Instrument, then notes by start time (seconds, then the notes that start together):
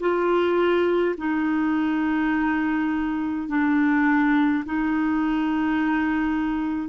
clarinet
0.00 F4
1.17 D#4
3.49 D4
4.66 D#4